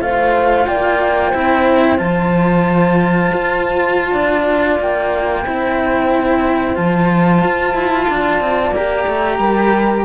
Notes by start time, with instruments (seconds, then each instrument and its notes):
0.00 cello A3 F4, horn C5, flute F5
0.65 cello A#3, horn D5, flute G5
1.28 cello C4 E4, horn C5
1.97 cello F3 F4, flute A5
3.33 cello F4
4.10 cello D4, horn D5
4.79 cello A#3, flute G5
5.45 cello C4 E4, horn C5
6.75 cello F3 F4, flute A5
7.44 cello F4
7.74 cello E4
8.08 cello D4, horn D5
8.40 cello C4
8.71 cello A#3 G4, flute A#5
9.07 cello A3
9.38 cello G3, horn A#4